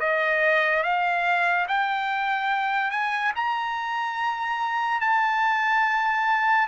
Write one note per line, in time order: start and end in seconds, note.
0.00 0.83 D#5
0.83 1.66 F5
1.68 2.91 G5
2.91 3.32 G#5
3.36 5.01 A#5
5.01 6.67 A5